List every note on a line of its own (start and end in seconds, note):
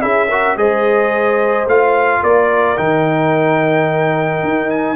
0.00 0.57 C#4
0.00 0.28 E4
0.00 0.30 G#4
0.00 0.57 E5
0.30 0.57 F#4
0.30 0.57 A#4
0.57 1.67 G#3
0.57 1.67 G#4
0.57 2.22 C5
0.57 1.68 D#5
1.67 2.22 A3
1.67 2.78 F4
1.67 2.24 F5
2.22 2.78 A#3
2.22 4.96 A#4
2.22 2.78 D5
2.78 4.44 D#3
2.78 4.96 D#4
2.78 4.71 G5
4.44 4.96 D#4
4.71 4.96 G#5